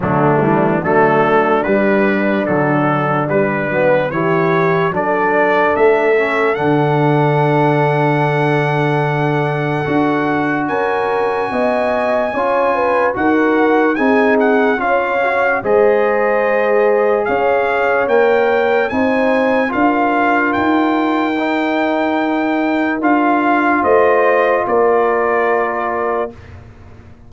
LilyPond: <<
  \new Staff \with { instrumentName = "trumpet" } { \time 4/4 \tempo 4 = 73 d'4 a'4 b'4 a'4 | b'4 cis''4 d''4 e''4 | fis''1~ | fis''4 gis''2. |
fis''4 gis''8 fis''8 f''4 dis''4~ | dis''4 f''4 g''4 gis''4 | f''4 g''2. | f''4 dis''4 d''2 | }
  \new Staff \with { instrumentName = "horn" } { \time 4/4 a4 d'2.~ | d'4 g'4 a'2~ | a'1~ | a'4 ais'4 dis''4 cis''8 b'8 |
ais'4 gis'4 cis''4 c''4~ | c''4 cis''2 c''4 | ais'1~ | ais'4 c''4 ais'2 | }
  \new Staff \with { instrumentName = "trombone" } { \time 4/4 fis8 g8 a4 g4 fis4 | g8 b8 e'4 d'4. cis'8 | d'1 | fis'2. f'4 |
fis'4 dis'4 f'8 fis'8 gis'4~ | gis'2 ais'4 dis'4 | f'2 dis'2 | f'1 | }
  \new Staff \with { instrumentName = "tuba" } { \time 4/4 d8 e8 fis4 g4 d4 | g8 fis8 e4 fis4 a4 | d1 | d'4 cis'4 b4 cis'4 |
dis'4 c'4 cis'4 gis4~ | gis4 cis'4 ais4 c'4 | d'4 dis'2. | d'4 a4 ais2 | }
>>